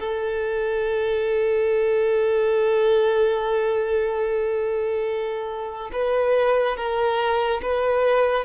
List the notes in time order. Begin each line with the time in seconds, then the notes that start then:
0.00 A4
5.93 B4
6.77 A#4
7.62 B4